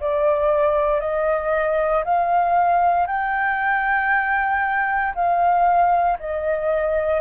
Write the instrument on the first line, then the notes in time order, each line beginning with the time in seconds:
flute
0.00 D5
1.01 D#5
2.05 F5
3.07 G5
5.15 F5
6.19 D#5